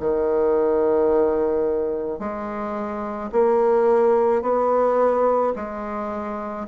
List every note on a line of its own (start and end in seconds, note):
0.00 2.19 D#3
2.19 3.30 G#3
3.32 4.42 A#3
4.42 5.53 B3
5.56 6.67 G#3